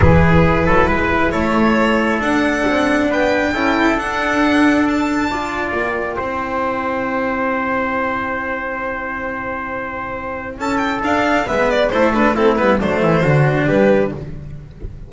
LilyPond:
<<
  \new Staff \with { instrumentName = "violin" } { \time 4/4 \tempo 4 = 136 b'2. cis''4~ | cis''4 fis''2 g''4~ | g''4 fis''2 a''4~ | a''4 g''2.~ |
g''1~ | g''1 | a''8 g''8 f''4 e''8 d''8 c''8 b'8 | a'8 b'8 c''2 b'4 | }
  \new Staff \with { instrumentName = "trumpet" } { \time 4/4 gis'4. a'8 b'4 a'4~ | a'2. b'4 | a'1 | d''2 c''2~ |
c''1~ | c''1 | a'2 b'4 a'4 | e'4 d'8 e'8 fis'4 g'4 | }
  \new Staff \with { instrumentName = "cello" } { \time 4/4 e'1~ | e'4 d'2. | e'4 d'2. | f'2 e'2~ |
e'1~ | e'1~ | e'4 d'4 b4 e'8 d'8 | c'8 b8 a4 d'2 | }
  \new Staff \with { instrumentName = "double bass" } { \time 4/4 e4. fis8 gis4 a4~ | a4 d'4 c'4 b4 | cis'4 d'2.~ | d'4 ais4 c'2~ |
c'1~ | c'1 | cis'4 d'4 gis4 a4~ | a8 g8 fis8 e8 d4 g4 | }
>>